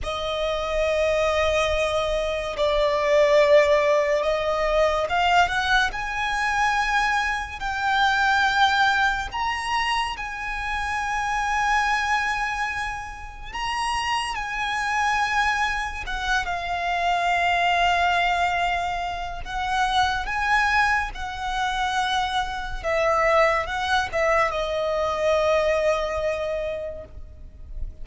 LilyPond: \new Staff \with { instrumentName = "violin" } { \time 4/4 \tempo 4 = 71 dis''2. d''4~ | d''4 dis''4 f''8 fis''8 gis''4~ | gis''4 g''2 ais''4 | gis''1 |
ais''4 gis''2 fis''8 f''8~ | f''2. fis''4 | gis''4 fis''2 e''4 | fis''8 e''8 dis''2. | }